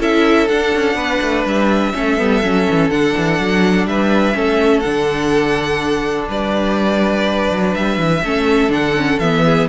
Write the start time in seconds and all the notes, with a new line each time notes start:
0.00 C#4 E4 A4 E5
0.48 D4 F#5
0.75 C#4
0.95 B3 B4
1.22 A3
1.45 G3 E5
1.94 A3 C#4 A4
2.18 G3 B3
2.44 F#3 C#4
2.70 E3
2.90 D3 D4 F#5
3.17 E3
3.39 F#3
3.86 G3 B4 E5
4.34 A3 C#4 A4
4.80 D3 D4 F#5
6.29 G3 B4 D5
7.51 F#3
7.75 G3 E5
7.98 E3
8.23 A3 C#4 A4
8.70 D3 D4 F#5
8.97 C#4
9.19 E3 B3 E5
9.46 G#4